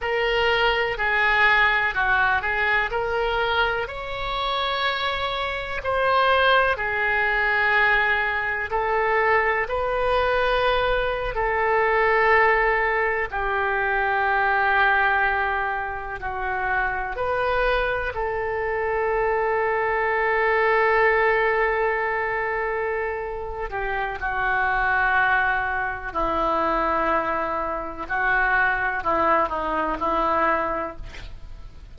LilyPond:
\new Staff \with { instrumentName = "oboe" } { \time 4/4 \tempo 4 = 62 ais'4 gis'4 fis'8 gis'8 ais'4 | cis''2 c''4 gis'4~ | gis'4 a'4 b'4.~ b'16 a'16~ | a'4.~ a'16 g'2~ g'16~ |
g'8. fis'4 b'4 a'4~ a'16~ | a'1~ | a'8 g'8 fis'2 e'4~ | e'4 fis'4 e'8 dis'8 e'4 | }